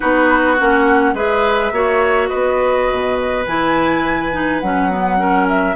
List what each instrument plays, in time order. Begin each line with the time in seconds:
0.00 bassoon B3, clarinet D#4, oboe F#4, flute B4
0.58 bassoon A#3, clarinet C#4, flute F#5
1.13 bassoon G#3, clarinet G#4, oboe B4, flute E5
1.72 bassoon A#3, clarinet F#4, oboe C#5
2.28 bassoon B3, oboe B4, flute D#5
2.91 bassoon B2
3.46 bassoon E3, clarinet E4, flute G#5
4.32 clarinet D#4
4.60 bassoon F#3, clarinet C#4, flute F#5
4.90 clarinet B3
5.17 clarinet C#4, oboe A#4
5.48 flute E5